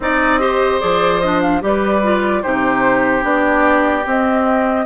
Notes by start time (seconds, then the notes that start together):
0.00 C4 D#4 D5 D#5
0.39 G4 C5
0.80 F3 G#4 D5
1.20 D4 D#5
1.41 F5
1.61 G3 G4 B4 D5
2.03 F4
2.42 C3 D#4 G4 C5
3.21 B3 D4 D5
4.06 C4 D#5